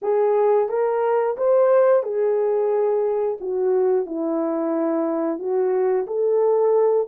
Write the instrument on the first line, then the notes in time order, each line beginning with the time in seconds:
horn
0.02 G#4
0.68 A#4
1.37 C5
2.03 G#4
3.40 F#4
4.06 E4
5.38 F#4
6.06 A4